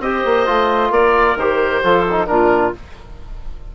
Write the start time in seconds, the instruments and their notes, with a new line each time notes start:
0.00 bassoon C4, trombone G4, clarinet C5, oboe D#5
0.25 bassoon A#3
0.46 bassoon A3, trombone F4
0.91 bassoon A#3, clarinet A#4, oboe D5
1.36 bassoon D#3, trombone G4, oboe C5
1.83 bassoon F3, trombone F4, clarinet A4
2.11 trombone D#4
2.27 bassoon A#2, trombone D4, clarinet F4, oboe A#4